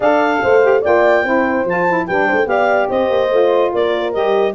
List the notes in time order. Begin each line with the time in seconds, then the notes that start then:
0.00 D4 A4 D5 F5
0.42 A3 C5
0.62 G4
0.81 A#3 F4 D5 G5
1.22 C4 E4 C5
1.64 F3 F4 A5
1.88 E4
2.07 G3 D4 B4 G5
2.27 A3 C5
2.45 B3 G4 D5 F5
2.89 C4 C5 D#5
3.09 A#3
3.30 A3 F4
3.71 A#3 A#4 D5
4.13 G3 G4 D#5